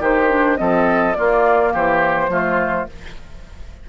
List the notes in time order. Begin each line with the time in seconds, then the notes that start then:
0.00 D#3 D#4 G4 C5
0.30 D4
0.58 F3 C4 A4 D#5
1.15 A#3 F4 D5
1.73 E3 G4 C5
2.29 F3 A3 F4